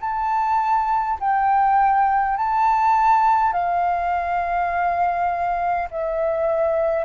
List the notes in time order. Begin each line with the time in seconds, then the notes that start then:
0.00 A5
1.20 G5
2.37 A5
3.53 F5
5.91 E5